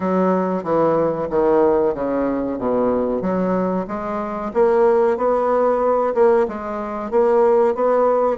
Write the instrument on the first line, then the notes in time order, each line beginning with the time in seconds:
bassoon
0.00 F#3
0.63 E3
1.30 D#3
1.94 C#3
2.58 B2
3.21 F#3
3.87 G#3
4.53 A#3
5.17 B3
6.14 A#3
6.48 G#3
7.10 A#3
7.74 B3